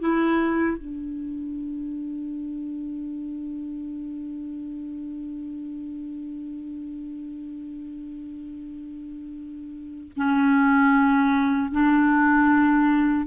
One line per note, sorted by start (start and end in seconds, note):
0.00 0.78 E4
0.78 10.13 D4
10.17 11.72 C#4
11.72 13.28 D4